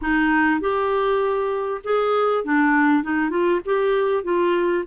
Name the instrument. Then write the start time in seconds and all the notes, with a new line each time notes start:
clarinet
0.01 D#4
0.60 G4
1.83 G#4
2.44 D4
3.03 D#4
3.30 F4
3.65 G4
4.23 F4